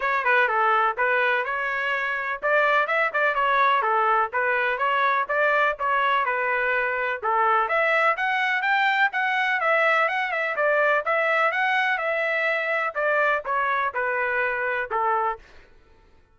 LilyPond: \new Staff \with { instrumentName = "trumpet" } { \time 4/4 \tempo 4 = 125 cis''8 b'8 a'4 b'4 cis''4~ | cis''4 d''4 e''8 d''8 cis''4 | a'4 b'4 cis''4 d''4 | cis''4 b'2 a'4 |
e''4 fis''4 g''4 fis''4 | e''4 fis''8 e''8 d''4 e''4 | fis''4 e''2 d''4 | cis''4 b'2 a'4 | }